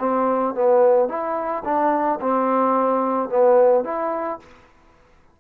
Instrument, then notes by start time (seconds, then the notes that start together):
trombone
0.00 C4
0.55 B3
1.09 E4
1.65 D4
2.21 C4
3.30 B3
3.85 E4